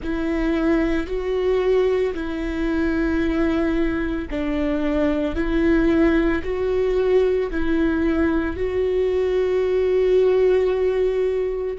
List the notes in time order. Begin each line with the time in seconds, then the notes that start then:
0.02 E4
1.06 F#4
2.14 E4
4.30 D4
5.35 E4
6.43 F#4
7.50 E4
8.56 F#4